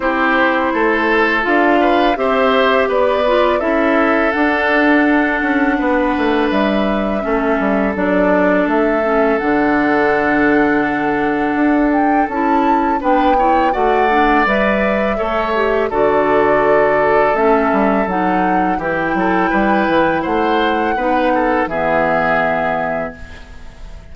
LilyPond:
<<
  \new Staff \with { instrumentName = "flute" } { \time 4/4 \tempo 4 = 83 c''2 f''4 e''4 | d''4 e''4 fis''2~ | fis''4 e''2 d''4 | e''4 fis''2.~ |
fis''8 g''8 a''4 g''4 fis''4 | e''2 d''2 | e''4 fis''4 g''2 | fis''2 e''2 | }
  \new Staff \with { instrumentName = "oboe" } { \time 4/4 g'4 a'4. b'8 c''4 | b'4 a'2. | b'2 a'2~ | a'1~ |
a'2 b'8 cis''8 d''4~ | d''4 cis''4 a'2~ | a'2 g'8 a'8 b'4 | c''4 b'8 a'8 gis'2 | }
  \new Staff \with { instrumentName = "clarinet" } { \time 4/4 e'2 f'4 g'4~ | g'8 f'8 e'4 d'2~ | d'2 cis'4 d'4~ | d'8 cis'8 d'2.~ |
d'4 e'4 d'8 e'8 fis'8 d'8 | b'4 a'8 g'8 fis'2 | cis'4 dis'4 e'2~ | e'4 dis'4 b2 | }
  \new Staff \with { instrumentName = "bassoon" } { \time 4/4 c'4 a4 d'4 c'4 | b4 cis'4 d'4. cis'8 | b8 a8 g4 a8 g8 fis4 | a4 d2. |
d'4 cis'4 b4 a4 | g4 a4 d2 | a8 g8 fis4 e8 fis8 g8 e8 | a4 b4 e2 | }
>>